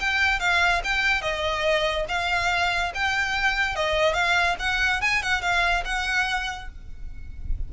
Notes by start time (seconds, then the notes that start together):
0.00 G5
0.40 F5
0.84 G5
1.22 D#5
2.09 F5
2.95 G5
3.76 D#5
4.14 F5
4.59 F#5
5.01 G#5
5.23 F#5
5.42 F5
5.85 F#5